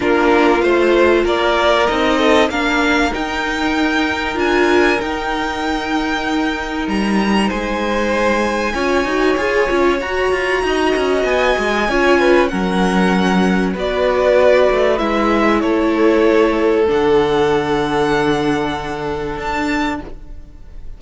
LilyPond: <<
  \new Staff \with { instrumentName = "violin" } { \time 4/4 \tempo 4 = 96 ais'4 c''4 d''4 dis''4 | f''4 g''2 gis''4 | g''2. ais''4 | gis''1 |
ais''2 gis''2 | fis''2 d''2 | e''4 cis''2 fis''4~ | fis''2. a''4 | }
  \new Staff \with { instrumentName = "violin" } { \time 4/4 f'2 ais'4. a'8 | ais'1~ | ais'1 | c''2 cis''2~ |
cis''4 dis''2 cis''8 b'8 | ais'2 b'2~ | b'4 a'2.~ | a'1 | }
  \new Staff \with { instrumentName = "viola" } { \time 4/4 d'4 f'2 dis'4 | d'4 dis'2 f'4 | dis'1~ | dis'2 f'8 fis'8 gis'8 f'8 |
fis'2. f'4 | cis'2 fis'2 | e'2. d'4~ | d'1 | }
  \new Staff \with { instrumentName = "cello" } { \time 4/4 ais4 a4 ais4 c'4 | ais4 dis'2 d'4 | dis'2. g4 | gis2 cis'8 dis'8 f'8 cis'8 |
fis'8 f'8 dis'8 cis'8 b8 gis8 cis'4 | fis2 b4. a8 | gis4 a2 d4~ | d2. d'4 | }
>>